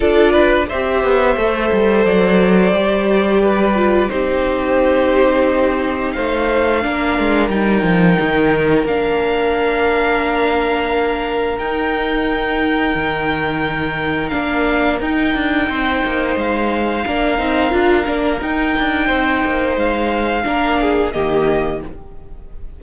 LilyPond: <<
  \new Staff \with { instrumentName = "violin" } { \time 4/4 \tempo 4 = 88 d''4 e''2 d''4~ | d''2 c''2~ | c''4 f''2 g''4~ | g''4 f''2.~ |
f''4 g''2.~ | g''4 f''4 g''2 | f''2. g''4~ | g''4 f''2 dis''4 | }
  \new Staff \with { instrumentName = "violin" } { \time 4/4 a'8 b'8 c''2.~ | c''4 b'4 g'2~ | g'4 c''4 ais'2~ | ais'1~ |
ais'1~ | ais'2. c''4~ | c''4 ais'2. | c''2 ais'8 gis'8 g'4 | }
  \new Staff \with { instrumentName = "viola" } { \time 4/4 f'4 g'4 a'2 | g'4. f'8 dis'2~ | dis'2 d'4 dis'4~ | dis'4 d'2.~ |
d'4 dis'2.~ | dis'4 d'4 dis'2~ | dis'4 d'8 dis'8 f'8 d'8 dis'4~ | dis'2 d'4 ais4 | }
  \new Staff \with { instrumentName = "cello" } { \time 4/4 d'4 c'8 b8 a8 g8 fis4 | g2 c'2~ | c'4 a4 ais8 gis8 g8 f8 | dis4 ais2.~ |
ais4 dis'2 dis4~ | dis4 ais4 dis'8 d'8 c'8 ais8 | gis4 ais8 c'8 d'8 ais8 dis'8 d'8 | c'8 ais8 gis4 ais4 dis4 | }
>>